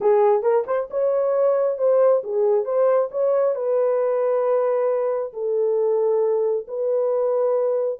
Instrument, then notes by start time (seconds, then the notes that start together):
horn
0.01 G#4
0.42 A#4
0.66 C5
0.90 C#5
1.78 C5
2.23 G#4
2.64 C5
3.11 C#5
3.55 B4
5.33 A4
6.67 B4